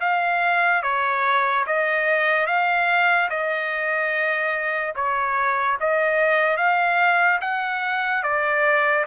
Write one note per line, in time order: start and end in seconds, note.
0.00 0.82 F5
0.83 1.65 C#5
1.67 2.47 D#5
2.47 3.29 F5
3.30 4.94 D#5
4.95 5.78 C#5
5.80 6.57 D#5
6.57 7.39 F5
7.41 8.23 F#5
8.23 9.05 D5